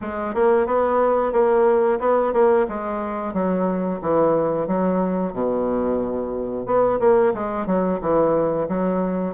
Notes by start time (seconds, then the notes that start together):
0.01 G#3
0.34 A#3
0.66 B3
1.32 A#3
1.99 B3
2.33 A#3
2.68 G#3
3.33 F#3
4.01 E3
4.67 F#3
5.33 B2
6.65 B3
6.99 A#3
7.33 G#3
7.66 F#3
8.01 E3
8.68 F#3